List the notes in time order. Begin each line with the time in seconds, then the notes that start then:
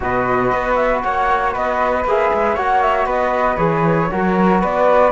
0.00 B2 F#4 B4 D#5
0.52 B3
0.75 E5
1.02 A#3 C#5 F#5
1.52 B3 B4 D#5
2.04 A#3 G#4 E5
2.33 G#3
2.54 A#3 F#4 C#5 F#5
2.82 E5
3.06 B3 B4 D#5
3.57 E3 G#4 C#5
4.10 F#3 F#4 A#4
4.60 B3 B4 D5